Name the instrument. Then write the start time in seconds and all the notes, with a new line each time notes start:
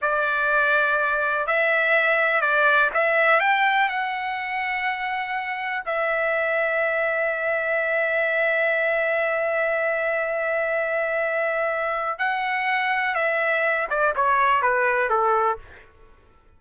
trumpet
0.01 D5
1.46 E5
2.41 D5
2.94 E5
3.40 G5
3.88 F#5
5.85 E5
12.18 F#5
13.14 E5
13.90 D5
14.15 C#5
14.62 B4
15.09 A4